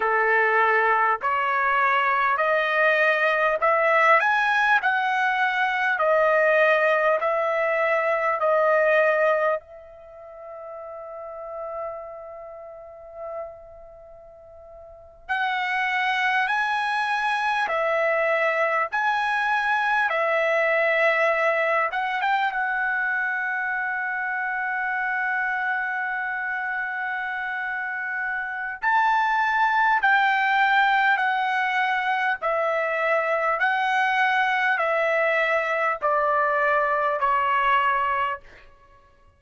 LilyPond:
\new Staff \with { instrumentName = "trumpet" } { \time 4/4 \tempo 4 = 50 a'4 cis''4 dis''4 e''8 gis''8 | fis''4 dis''4 e''4 dis''4 | e''1~ | e''8. fis''4 gis''4 e''4 gis''16~ |
gis''8. e''4. fis''16 g''16 fis''4~ fis''16~ | fis''1 | a''4 g''4 fis''4 e''4 | fis''4 e''4 d''4 cis''4 | }